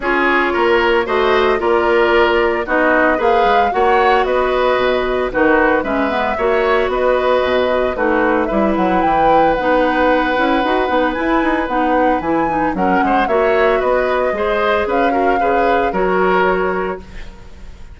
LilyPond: <<
  \new Staff \with { instrumentName = "flute" } { \time 4/4 \tempo 4 = 113 cis''2 dis''4 d''4~ | d''4 dis''4 f''4 fis''4 | dis''2 b'4 e''4~ | e''4 dis''2 b'4 |
e''8 fis''8 g''4 fis''2~ | fis''4 gis''4 fis''4 gis''4 | fis''4 e''4 dis''2 | f''2 cis''2 | }
  \new Staff \with { instrumentName = "oboe" } { \time 4/4 gis'4 ais'4 c''4 ais'4~ | ais'4 fis'4 b'4 cis''4 | b'2 fis'4 b'4 | cis''4 b'2 fis'4 |
b'1~ | b'1 | ais'8 c''8 cis''4 b'4 c''4 | b'8 ais'8 b'4 ais'2 | }
  \new Staff \with { instrumentName = "clarinet" } { \time 4/4 f'2 fis'4 f'4~ | f'4 dis'4 gis'4 fis'4~ | fis'2 dis'4 cis'8 b8 | fis'2. dis'4 |
e'2 dis'4. e'8 | fis'8 dis'8 e'4 dis'4 e'8 dis'8 | cis'4 fis'2 gis'4~ | gis'8 fis'8 gis'4 fis'2 | }
  \new Staff \with { instrumentName = "bassoon" } { \time 4/4 cis'4 ais4 a4 ais4~ | ais4 b4 ais8 gis8 ais4 | b4 b,4 dis4 gis4 | ais4 b4 b,4 a4 |
g8 fis8 e4 b4. cis'8 | dis'8 b8 e'8 dis'8 b4 e4 | fis8 gis8 ais4 b4 gis4 | cis'4 cis4 fis2 | }
>>